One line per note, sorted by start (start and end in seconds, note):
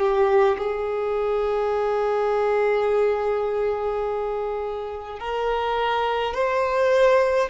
0.00 0.58 G4
0.58 5.20 G#4
5.20 6.35 A#4
6.35 7.50 C5